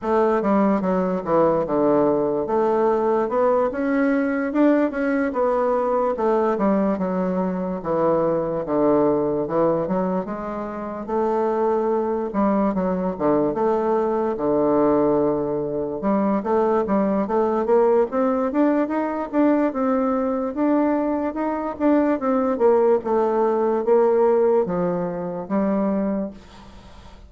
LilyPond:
\new Staff \with { instrumentName = "bassoon" } { \time 4/4 \tempo 4 = 73 a8 g8 fis8 e8 d4 a4 | b8 cis'4 d'8 cis'8 b4 a8 | g8 fis4 e4 d4 e8 | fis8 gis4 a4. g8 fis8 |
d8 a4 d2 g8 | a8 g8 a8 ais8 c'8 d'8 dis'8 d'8 | c'4 d'4 dis'8 d'8 c'8 ais8 | a4 ais4 f4 g4 | }